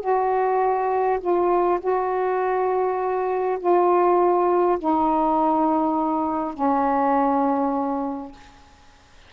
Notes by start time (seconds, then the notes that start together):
0.00 F#4
1.20 F4
1.80 F#4
3.59 F4
4.78 D#4
6.53 C#4